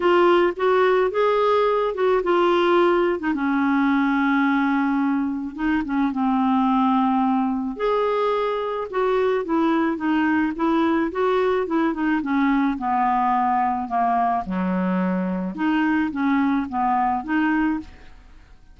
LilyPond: \new Staff \with { instrumentName = "clarinet" } { \time 4/4 \tempo 4 = 108 f'4 fis'4 gis'4. fis'8 | f'4.~ f'16 dis'16 cis'2~ | cis'2 dis'8 cis'8 c'4~ | c'2 gis'2 |
fis'4 e'4 dis'4 e'4 | fis'4 e'8 dis'8 cis'4 b4~ | b4 ais4 fis2 | dis'4 cis'4 b4 dis'4 | }